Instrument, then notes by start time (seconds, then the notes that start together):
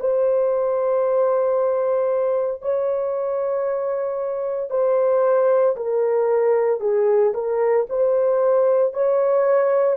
horn
0.00 C5
2.62 C#5
4.70 C5
5.77 A#4
6.80 G#4
7.34 A#4
7.89 C5
8.93 C#5